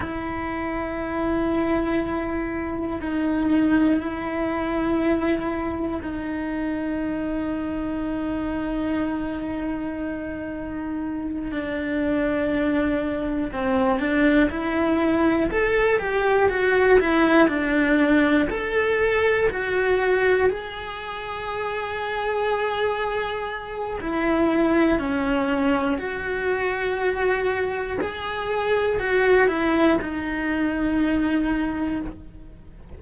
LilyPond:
\new Staff \with { instrumentName = "cello" } { \time 4/4 \tempo 4 = 60 e'2. dis'4 | e'2 dis'2~ | dis'2.~ dis'8 d'8~ | d'4. c'8 d'8 e'4 a'8 |
g'8 fis'8 e'8 d'4 a'4 fis'8~ | fis'8 gis'2.~ gis'8 | e'4 cis'4 fis'2 | gis'4 fis'8 e'8 dis'2 | }